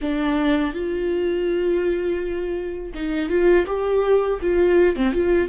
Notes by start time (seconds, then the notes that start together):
0.01 D4
0.73 F4
2.94 D#4
3.29 F4
3.66 G4
4.41 F4
4.96 C4
5.12 F4